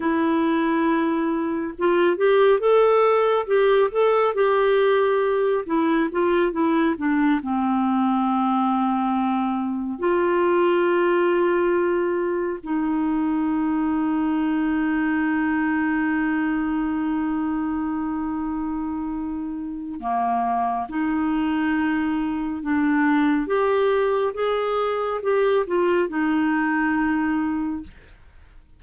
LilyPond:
\new Staff \with { instrumentName = "clarinet" } { \time 4/4 \tempo 4 = 69 e'2 f'8 g'8 a'4 | g'8 a'8 g'4. e'8 f'8 e'8 | d'8 c'2. f'8~ | f'2~ f'8 dis'4.~ |
dis'1~ | dis'2. ais4 | dis'2 d'4 g'4 | gis'4 g'8 f'8 dis'2 | }